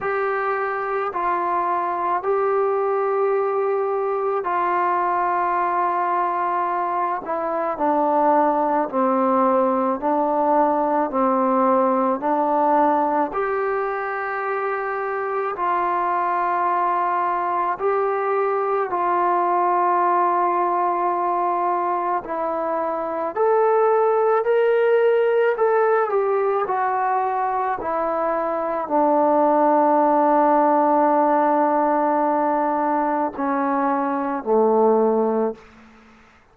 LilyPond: \new Staff \with { instrumentName = "trombone" } { \time 4/4 \tempo 4 = 54 g'4 f'4 g'2 | f'2~ f'8 e'8 d'4 | c'4 d'4 c'4 d'4 | g'2 f'2 |
g'4 f'2. | e'4 a'4 ais'4 a'8 g'8 | fis'4 e'4 d'2~ | d'2 cis'4 a4 | }